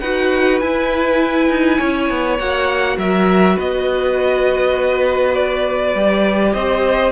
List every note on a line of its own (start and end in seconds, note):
0.00 0.61 D#4
0.00 0.63 F#4
0.00 1.79 B4
0.00 0.59 F#5
0.61 1.50 E4
0.61 2.39 E4
0.61 2.39 G#5
1.50 1.79 D#4
1.79 2.11 C#4
1.79 2.98 C#5
2.11 2.40 B3
2.39 2.98 A#3
2.39 5.96 F#4
2.39 2.98 F#5
2.98 3.57 F#3
2.98 3.56 A#4
2.98 3.59 E5
3.56 5.95 B3
3.56 6.53 B4
3.56 5.35 D#5
5.35 6.54 D5
5.95 6.54 G3
5.95 7.13 G4
6.54 7.13 C4
6.54 7.13 C5
6.54 7.13 D#5